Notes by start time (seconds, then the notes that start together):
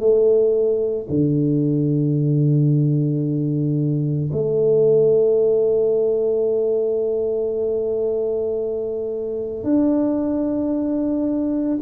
0.00 A3
1.10 D3
4.33 A3
9.64 D4